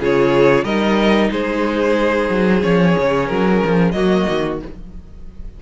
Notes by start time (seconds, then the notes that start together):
0.00 C#3 F4 G#4 C#5
0.64 G3 D#4 A#4 D#5
1.31 G#3 G#4 C5
2.30 F#3
2.62 F3 C#4 C#5
2.98 C#3
3.27 F#3 A#4
3.65 F3
3.92 F#3 A#3 F#4 D#5
4.29 D#3